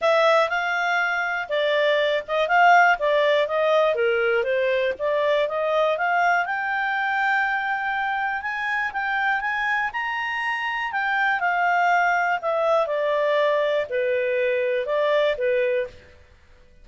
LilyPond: \new Staff \with { instrumentName = "clarinet" } { \time 4/4 \tempo 4 = 121 e''4 f''2 d''4~ | d''8 dis''8 f''4 d''4 dis''4 | ais'4 c''4 d''4 dis''4 | f''4 g''2.~ |
g''4 gis''4 g''4 gis''4 | ais''2 g''4 f''4~ | f''4 e''4 d''2 | b'2 d''4 b'4 | }